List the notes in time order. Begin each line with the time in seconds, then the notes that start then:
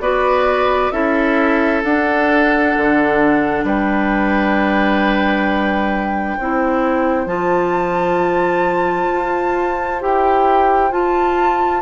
0.00 B3 F#4 B4 D5
0.91 C#4 E4 A4 E5
1.84 D4 F#5
2.77 D3
3.64 G3 B4 G5
6.37 C4 E4 C5
7.26 F3 F4 A5
9.13 F4
10.00 E4 G4 G5
10.91 F4 A5